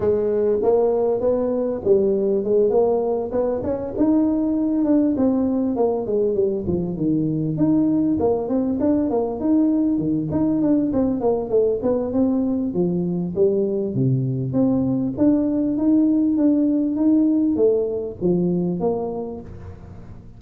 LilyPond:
\new Staff \with { instrumentName = "tuba" } { \time 4/4 \tempo 4 = 99 gis4 ais4 b4 g4 | gis8 ais4 b8 cis'8 dis'4. | d'8 c'4 ais8 gis8 g8 f8 dis8~ | dis8 dis'4 ais8 c'8 d'8 ais8 dis'8~ |
dis'8 dis8 dis'8 d'8 c'8 ais8 a8 b8 | c'4 f4 g4 c4 | c'4 d'4 dis'4 d'4 | dis'4 a4 f4 ais4 | }